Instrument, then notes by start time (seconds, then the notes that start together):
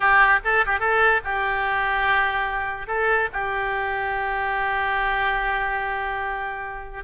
oboe
0.00 G4
0.44 A4
0.65 G4
0.79 A4
1.24 G4
2.87 A4
3.32 G4